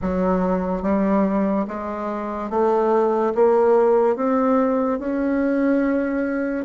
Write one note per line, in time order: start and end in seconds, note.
0.01 0.82 F#3
0.82 1.66 G3
1.67 2.50 G#3
2.50 3.33 A3
3.34 4.16 A#3
4.16 4.99 C4
4.99 6.65 C#4